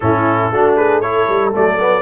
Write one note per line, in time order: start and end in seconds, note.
0.00 0.50 A2
0.00 0.52 C#4
0.00 0.53 E4
0.00 0.74 A4
0.50 1.27 A3
0.50 1.02 D4
0.50 0.76 F#4
0.76 1.01 G#4
0.76 1.00 B4
1.00 1.52 E4
1.00 2.02 A4
1.00 1.52 C#5
1.28 1.54 G3
1.52 2.02 F#3
1.52 1.78 A3
1.52 2.02 D5
1.80 2.02 B3